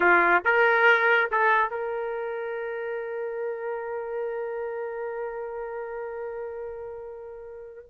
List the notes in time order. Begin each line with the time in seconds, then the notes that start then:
0.00 F4
0.44 A#4
1.31 A4
1.70 A#4